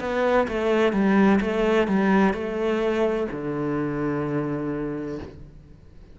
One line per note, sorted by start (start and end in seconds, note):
0.00 0.47 B3
0.47 0.92 A3
0.92 1.39 G3
1.41 1.87 A3
1.87 2.33 G3
2.33 3.27 A3
3.31 5.19 D3